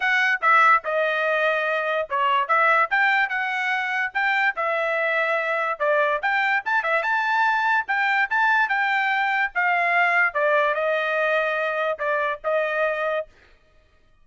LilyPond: \new Staff \with { instrumentName = "trumpet" } { \time 4/4 \tempo 4 = 145 fis''4 e''4 dis''2~ | dis''4 cis''4 e''4 g''4 | fis''2 g''4 e''4~ | e''2 d''4 g''4 |
a''8 e''8 a''2 g''4 | a''4 g''2 f''4~ | f''4 d''4 dis''2~ | dis''4 d''4 dis''2 | }